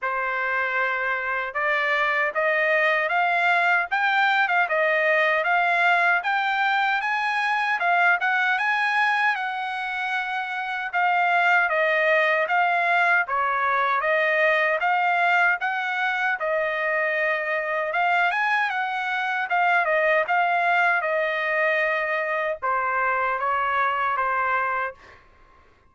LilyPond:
\new Staff \with { instrumentName = "trumpet" } { \time 4/4 \tempo 4 = 77 c''2 d''4 dis''4 | f''4 g''8. f''16 dis''4 f''4 | g''4 gis''4 f''8 fis''8 gis''4 | fis''2 f''4 dis''4 |
f''4 cis''4 dis''4 f''4 | fis''4 dis''2 f''8 gis''8 | fis''4 f''8 dis''8 f''4 dis''4~ | dis''4 c''4 cis''4 c''4 | }